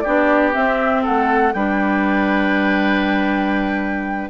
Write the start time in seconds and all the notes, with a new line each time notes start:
0.00 G4 D5
0.06 B3 D4
0.53 C4 E5
1.03 A4 F#5
1.09 A3
1.53 G3 D4 B4 G5